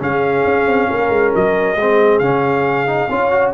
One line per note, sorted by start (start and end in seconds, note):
0.00 0.45 C#3
0.00 1.76 C#4
0.00 0.90 G#4
0.00 1.35 F5
0.45 0.67 C#4
0.67 0.89 C4
0.90 1.10 A#3
0.90 1.78 A#4
1.10 1.32 G#3
1.35 1.76 F#3
1.35 2.19 D#5
1.76 2.20 G#3
1.76 2.23 C4
1.76 3.10 G#4
2.19 3.09 C#3
2.19 2.87 C#4
2.19 3.52 F5
2.87 3.09 D#4
3.11 3.54 C#4
3.11 3.32 F4
3.11 3.54 C#5
3.32 3.54 F#4